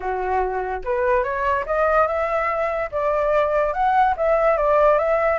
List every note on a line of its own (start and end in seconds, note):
0.00 0.81 F#4
0.84 1.23 B4
1.23 1.65 C#5
1.66 2.07 D#5
2.07 2.90 E5
2.91 3.73 D5
3.73 4.14 F#5
4.16 4.57 E5
4.57 4.98 D5
4.98 5.38 E5